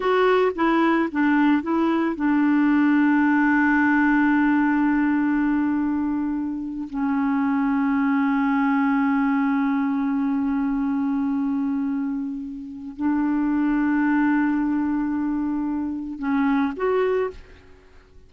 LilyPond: \new Staff \with { instrumentName = "clarinet" } { \time 4/4 \tempo 4 = 111 fis'4 e'4 d'4 e'4 | d'1~ | d'1~ | d'8. cis'2.~ cis'16~ |
cis'1~ | cis'1 | d'1~ | d'2 cis'4 fis'4 | }